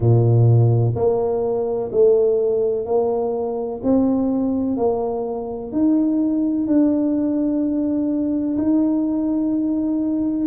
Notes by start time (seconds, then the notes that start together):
0.00 A#2
0.95 A#3
1.92 A3
2.85 A#3
3.83 C4
4.76 A#3
5.71 D#4
6.66 D4
8.57 D#4